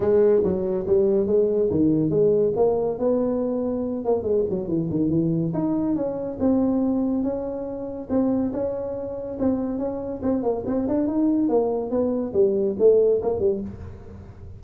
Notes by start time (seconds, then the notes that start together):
0.00 G#3
0.43 F#3
0.86 G3
1.26 G#3
1.70 D#3
2.10 G#3
2.56 A#3
2.98 B3
4.04 A#3
4.22 G#3
4.49 F#3
4.68 E3
4.89 D#3
5.09 E3
5.53 D#4
5.95 C#4
6.39 C4
7.23 C#4
8.09 C4
8.52 C#4
9.39 C4
9.78 C#4
10.22 C4
10.43 A#3
10.65 C4
10.88 D4
11.07 D#4
11.49 A#3
11.90 B3
12.33 G3
12.78 A3
13.22 A#3
13.39 G3